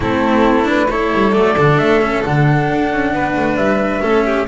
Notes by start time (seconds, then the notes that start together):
0.00 A3 C4 E4 A4
0.64 D4 B4
0.90 E4 A4 C#5
1.13 G3
1.32 F#3 A3 D5
1.57 D3 D4
1.78 A3 E5
2.01 C#4
2.24 D3 D4 F#5
2.71 D4
2.92 C#4
3.12 B3 B4
3.36 A3
3.56 G3 E5
4.01 A3 C#4 A4
4.25 G4